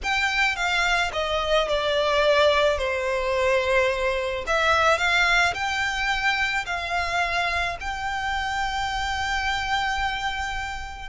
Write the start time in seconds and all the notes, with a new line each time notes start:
0.03 G5
0.56 F5
1.12 D#5
1.68 D5
2.78 C5
4.46 E5
4.98 F5
5.54 G5
6.65 F5
7.80 G5